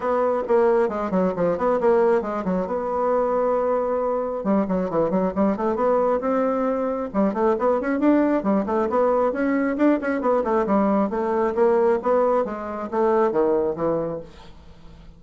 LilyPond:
\new Staff \with { instrumentName = "bassoon" } { \time 4/4 \tempo 4 = 135 b4 ais4 gis8 fis8 f8 b8 | ais4 gis8 fis8 b2~ | b2 g8 fis8 e8 fis8 | g8 a8 b4 c'2 |
g8 a8 b8 cis'8 d'4 g8 a8 | b4 cis'4 d'8 cis'8 b8 a8 | g4 a4 ais4 b4 | gis4 a4 dis4 e4 | }